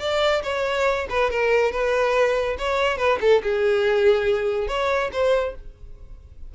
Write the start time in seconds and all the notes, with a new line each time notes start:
0.00 D5
0.44 C#5
1.10 B4
1.31 A#4
1.72 B4
2.59 C#5
2.98 B4
3.21 A4
3.43 G#4
4.68 C#5
5.13 C5